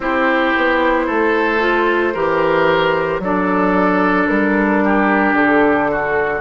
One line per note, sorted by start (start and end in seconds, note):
0.00 0.52 C4
0.00 1.59 E4
0.00 1.06 G4
0.00 3.22 C5
0.56 1.08 B3
1.06 2.15 A3
1.06 2.13 A4
1.59 2.13 F4
2.13 3.18 E3
2.13 3.22 G4
2.13 3.21 A#4
3.18 4.25 F#3
3.18 6.40 D4
3.18 4.84 A4
3.18 4.27 D5
4.27 5.32 G3
4.27 5.34 A#4
4.84 5.91 G4
5.32 6.40 D3
5.32 6.40 A4
5.91 6.40 F#4